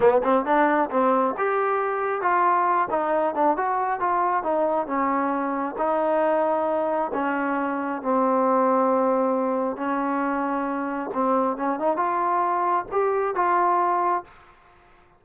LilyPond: \new Staff \with { instrumentName = "trombone" } { \time 4/4 \tempo 4 = 135 b8 c'8 d'4 c'4 g'4~ | g'4 f'4. dis'4 d'8 | fis'4 f'4 dis'4 cis'4~ | cis'4 dis'2. |
cis'2 c'2~ | c'2 cis'2~ | cis'4 c'4 cis'8 dis'8 f'4~ | f'4 g'4 f'2 | }